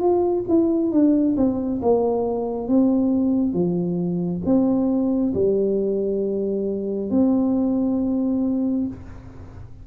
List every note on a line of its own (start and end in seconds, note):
0.00 0.44 F4
0.49 0.91 E4
0.91 1.36 D4
1.37 1.81 C4
1.82 2.68 A#3
2.68 3.53 C4
3.53 4.42 F3
4.45 5.33 C4
5.34 7.10 G3
7.11 8.87 C4